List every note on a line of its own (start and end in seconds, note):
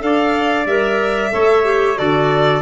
0.00 0.66 D4
0.00 0.65 A4
0.00 1.33 D5
0.00 0.67 F5
0.66 1.31 G3
0.66 1.31 A#4
0.66 1.97 E5
1.31 1.99 A3
1.31 1.64 A4
1.31 1.99 C#5
1.64 1.97 G4
1.97 2.62 D3
1.97 2.62 F#4
1.97 2.62 A4
1.97 2.62 D5